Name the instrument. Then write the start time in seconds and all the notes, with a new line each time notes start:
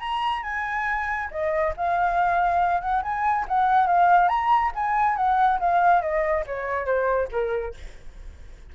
flute
0.00 A#5
0.43 G#5
1.31 D#5
1.77 F5
2.81 F#5
3.03 G#5
3.48 F#5
3.87 F5
4.29 A#5
4.75 G#5
5.16 F#5
5.59 F5
6.02 D#5
6.46 C#5
6.86 C5
7.31 A#4